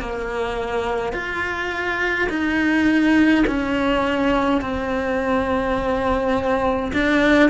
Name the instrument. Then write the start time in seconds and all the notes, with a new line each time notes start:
cello
0.00 A#3
1.13 F4
2.29 D#4
3.47 C#4
4.61 C4
6.93 D4